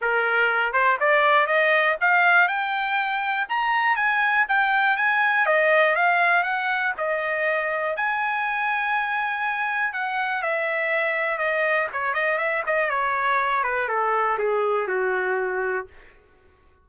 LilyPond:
\new Staff \with { instrumentName = "trumpet" } { \time 4/4 \tempo 4 = 121 ais'4. c''8 d''4 dis''4 | f''4 g''2 ais''4 | gis''4 g''4 gis''4 dis''4 | f''4 fis''4 dis''2 |
gis''1 | fis''4 e''2 dis''4 | cis''8 dis''8 e''8 dis''8 cis''4. b'8 | a'4 gis'4 fis'2 | }